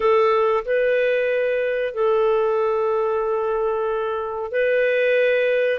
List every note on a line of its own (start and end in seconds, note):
0.00 0.63 A4
0.65 1.94 B4
1.94 4.51 A4
4.51 5.79 B4